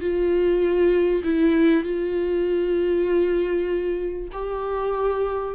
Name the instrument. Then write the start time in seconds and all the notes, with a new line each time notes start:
viola
0.00 F4
1.24 E4
1.83 F4
4.32 G4